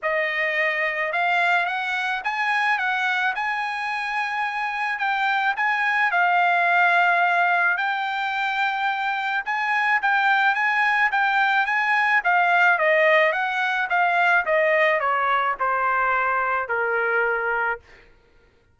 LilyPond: \new Staff \with { instrumentName = "trumpet" } { \time 4/4 \tempo 4 = 108 dis''2 f''4 fis''4 | gis''4 fis''4 gis''2~ | gis''4 g''4 gis''4 f''4~ | f''2 g''2~ |
g''4 gis''4 g''4 gis''4 | g''4 gis''4 f''4 dis''4 | fis''4 f''4 dis''4 cis''4 | c''2 ais'2 | }